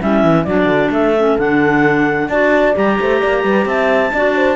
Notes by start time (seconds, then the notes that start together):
0.00 G3 C#4 E4 E5
0.24 E3
0.45 F#3 D4 F#4 D5
0.66 D3
0.91 A3 A4 E5
1.17 C#4
1.39 D3 D4 F#5
2.29 D4 F#4 D5 A5
2.75 G3 G4 A#5
3.00 A3 C5
3.21 A#3 D5
3.44 G3 B4
3.66 C4 E5 A5
4.13 D4 F#4 D5
4.36 C5